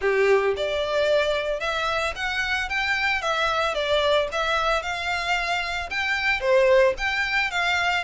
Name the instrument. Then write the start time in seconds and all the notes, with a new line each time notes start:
violin
0.01 G4
0.56 D5
1.59 E5
2.15 F#5
2.69 G5
3.21 E5
3.74 D5
4.32 E5
4.82 F5
5.90 G5
6.40 C5
6.97 G5
7.50 F5